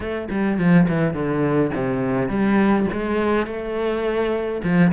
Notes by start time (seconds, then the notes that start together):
0.00 A3
0.30 G3
0.58 F3
0.88 E3
1.13 D3
1.75 C3
2.28 G3
2.92 G#3
3.46 A3
4.63 F3